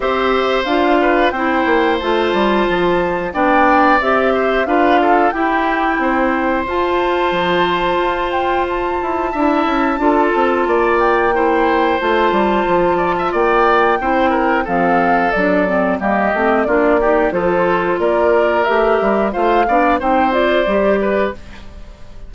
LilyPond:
<<
  \new Staff \with { instrumentName = "flute" } { \time 4/4 \tempo 4 = 90 e''4 f''4 g''4 a''4~ | a''4 g''4 e''4 f''4 | g''2 a''2~ | a''8 g''8 a''2.~ |
a''8 g''4. a''2 | g''2 f''4 d''4 | dis''4 d''4 c''4 d''4 | e''4 f''4 g''8 d''4. | }
  \new Staff \with { instrumentName = "oboe" } { \time 4/4 c''4. b'8 c''2~ | c''4 d''4. c''8 b'8 a'8 | g'4 c''2.~ | c''2 e''4 a'4 |
d''4 c''2~ c''8 d''16 e''16 | d''4 c''8 ais'8 a'2 | g'4 f'8 g'8 a'4 ais'4~ | ais'4 c''8 d''8 c''4. b'8 | }
  \new Staff \with { instrumentName = "clarinet" } { \time 4/4 g'4 f'4 e'4 f'4~ | f'4 d'4 g'4 f'4 | e'2 f'2~ | f'2 e'4 f'4~ |
f'4 e'4 f'2~ | f'4 e'4 c'4 d'8 c'8 | ais8 c'8 d'8 dis'8 f'2 | g'4 f'8 d'8 dis'8 f'8 g'4 | }
  \new Staff \with { instrumentName = "bassoon" } { \time 4/4 c'4 d'4 c'8 ais8 a8 g8 | f4 b4 c'4 d'4 | e'4 c'4 f'4 f4 | f'4. e'8 d'8 cis'8 d'8 c'8 |
ais2 a8 g8 f4 | ais4 c'4 f4 fis4 | g8 a8 ais4 f4 ais4 | a8 g8 a8 b8 c'4 g4 | }
>>